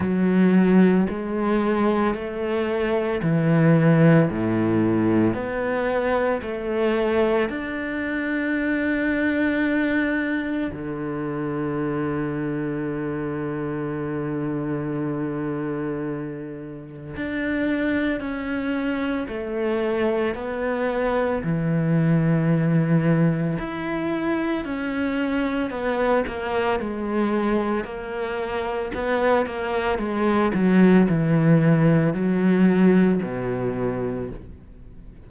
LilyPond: \new Staff \with { instrumentName = "cello" } { \time 4/4 \tempo 4 = 56 fis4 gis4 a4 e4 | a,4 b4 a4 d'4~ | d'2 d2~ | d1 |
d'4 cis'4 a4 b4 | e2 e'4 cis'4 | b8 ais8 gis4 ais4 b8 ais8 | gis8 fis8 e4 fis4 b,4 | }